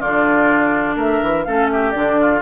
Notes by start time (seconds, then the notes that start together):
0.00 D3 D4 F4 D5
0.96 A3 A#4 E5
1.23 E3
1.44 A3 C#4 A4 F5
1.72 G4 E5
1.92 D3 D4 D5
2.21 F4